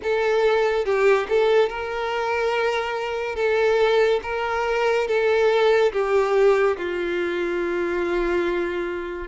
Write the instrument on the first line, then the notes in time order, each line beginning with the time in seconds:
violin
0.02 A4
0.85 G4
1.28 A4
1.69 A#4
3.35 A4
4.23 A#4
5.07 A4
5.92 G4
6.77 F4